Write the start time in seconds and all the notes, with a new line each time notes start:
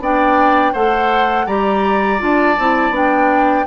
0.00 B3 D4 D5 G5
0.73 A3 A4 C5 F#5
1.46 G3 G4 D5 A#5
2.19 D4 F4 A5
2.59 C4 E4
2.90 B3 D4 G5